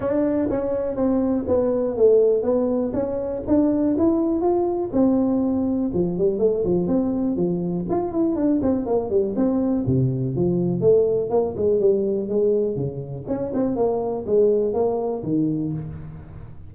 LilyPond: \new Staff \with { instrumentName = "tuba" } { \time 4/4 \tempo 4 = 122 d'4 cis'4 c'4 b4 | a4 b4 cis'4 d'4 | e'4 f'4 c'2 | f8 g8 a8 f8 c'4 f4 |
f'8 e'8 d'8 c'8 ais8 g8 c'4 | c4 f4 a4 ais8 gis8 | g4 gis4 cis4 cis'8 c'8 | ais4 gis4 ais4 dis4 | }